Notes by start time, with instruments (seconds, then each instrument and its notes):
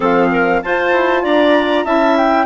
0.00 bassoon F3, saxophone C4, clarinet A4, flute F5
0.31 clarinet A#4
0.62 bassoon F4, saxophone F4, clarinet C5, flute A5
0.92 bassoon E4
1.23 bassoon D4, clarinet D5, flute A#5
1.85 bassoon C#4, saxophone E4, clarinet E5, flute A5
2.17 flute G5